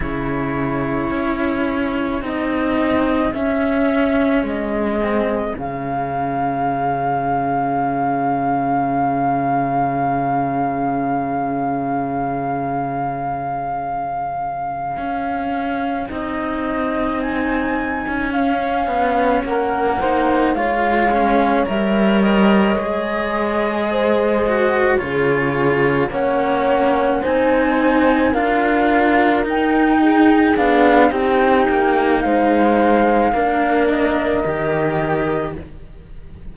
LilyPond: <<
  \new Staff \with { instrumentName = "flute" } { \time 4/4 \tempo 4 = 54 cis''2 dis''4 e''4 | dis''4 f''2.~ | f''1~ | f''2~ f''8 dis''4 gis''8~ |
gis''8 f''4 fis''4 f''4 e''8 | dis''2~ dis''8 cis''4 fis''8~ | fis''8 gis''4 f''4 g''4 f''8 | g''4 f''4. dis''4. | }
  \new Staff \with { instrumentName = "horn" } { \time 4/4 gis'1~ | gis'1~ | gis'1~ | gis'1~ |
gis'4. ais'8 c''8 cis''4.~ | cis''4. c''4 gis'4 cis''8~ | cis''8 c''4 ais'4. gis'4 | g'4 c''4 ais'2 | }
  \new Staff \with { instrumentName = "cello" } { \time 4/4 e'2 dis'4 cis'4~ | cis'8 c'8 cis'2.~ | cis'1~ | cis'2~ cis'8 dis'4.~ |
dis'8 cis'4. dis'8 f'8 cis'8 ais'8~ | ais'8 gis'4. fis'8 f'4 cis'8~ | cis'8 dis'4 f'4 dis'4 d'8 | dis'2 d'4 g'4 | }
  \new Staff \with { instrumentName = "cello" } { \time 4/4 cis4 cis'4 c'4 cis'4 | gis4 cis2.~ | cis1~ | cis4. cis'4 c'4.~ |
c'16 cis'8. b8 ais4 gis4 g8~ | g8 gis2 cis4 ais8~ | ais8 c'4 d'4 dis'4 b8 | c'8 ais8 gis4 ais4 dis4 | }
>>